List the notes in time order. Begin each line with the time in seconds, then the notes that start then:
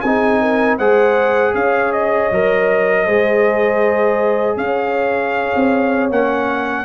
0.00 C4 D#4 G#4 G#5
0.40 A#4
0.77 G#3 G#4 C5 F#5
1.54 C#4 C#5 F5
1.92 D#5
2.31 F#3 A#4
3.04 G#3 G#4 C5
4.56 C#4 C#5 F5
5.55 C4
6.09 A#3 C#4 F#5